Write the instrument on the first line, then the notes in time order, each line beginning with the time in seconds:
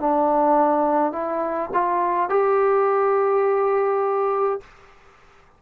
trombone
0.00 D4
1.12 E4
1.73 F4
2.29 G4